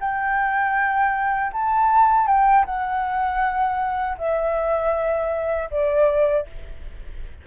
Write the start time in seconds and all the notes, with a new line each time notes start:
0.00 G5
1.52 A5
2.27 G5
2.65 F#5
4.17 E5
5.70 D5